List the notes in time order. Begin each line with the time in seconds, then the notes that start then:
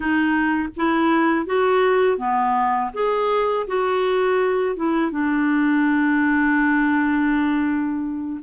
0.00 D#4
0.76 E4
1.45 F#4
2.18 B3
2.93 G#4
3.67 F#4
4.76 E4
5.11 D4